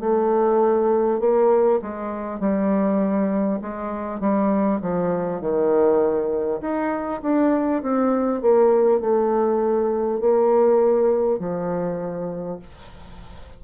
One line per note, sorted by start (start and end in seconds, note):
0.00 1.20 A3
1.20 1.80 A#3
1.82 2.40 G#3
2.40 3.60 G3
3.62 4.21 G#3
4.21 4.81 G3
4.82 5.41 F3
5.41 6.61 D#3
6.62 7.22 D#4
7.23 7.83 D4
7.83 8.42 C4
8.42 9.01 A#3
9.01 10.21 A3
10.21 11.39 A#3
11.39 12.59 F3